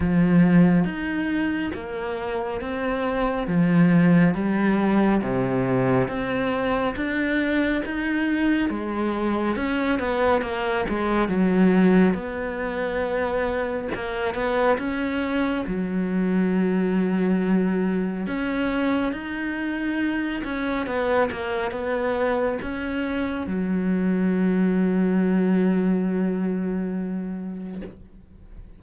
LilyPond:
\new Staff \with { instrumentName = "cello" } { \time 4/4 \tempo 4 = 69 f4 dis'4 ais4 c'4 | f4 g4 c4 c'4 | d'4 dis'4 gis4 cis'8 b8 | ais8 gis8 fis4 b2 |
ais8 b8 cis'4 fis2~ | fis4 cis'4 dis'4. cis'8 | b8 ais8 b4 cis'4 fis4~ | fis1 | }